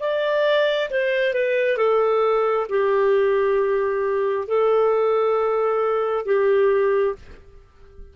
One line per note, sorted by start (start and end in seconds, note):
0.00 0.90 D5
0.91 1.34 C5
1.34 1.77 B4
1.77 2.67 A4
2.69 4.48 G4
4.48 6.26 A4
6.26 7.16 G4